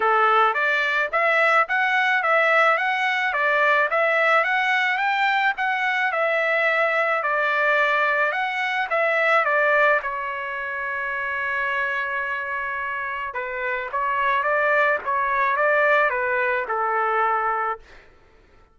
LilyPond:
\new Staff \with { instrumentName = "trumpet" } { \time 4/4 \tempo 4 = 108 a'4 d''4 e''4 fis''4 | e''4 fis''4 d''4 e''4 | fis''4 g''4 fis''4 e''4~ | e''4 d''2 fis''4 |
e''4 d''4 cis''2~ | cis''1 | b'4 cis''4 d''4 cis''4 | d''4 b'4 a'2 | }